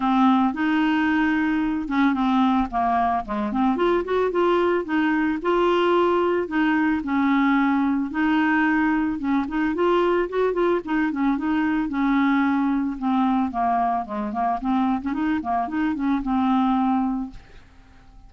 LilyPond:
\new Staff \with { instrumentName = "clarinet" } { \time 4/4 \tempo 4 = 111 c'4 dis'2~ dis'8 cis'8 | c'4 ais4 gis8 c'8 f'8 fis'8 | f'4 dis'4 f'2 | dis'4 cis'2 dis'4~ |
dis'4 cis'8 dis'8 f'4 fis'8 f'8 | dis'8 cis'8 dis'4 cis'2 | c'4 ais4 gis8 ais8 c'8. cis'16 | dis'8 ais8 dis'8 cis'8 c'2 | }